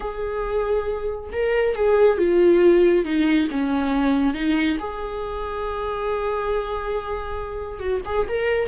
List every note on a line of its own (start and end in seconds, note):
0.00 1.30 G#4
1.32 1.75 A#4
1.75 2.18 G#4
2.18 3.04 F4
3.04 3.48 D#4
3.50 4.34 C#4
4.34 4.77 D#4
4.79 7.79 G#4
7.79 8.01 F#4
8.05 8.27 G#4
8.28 8.67 A#4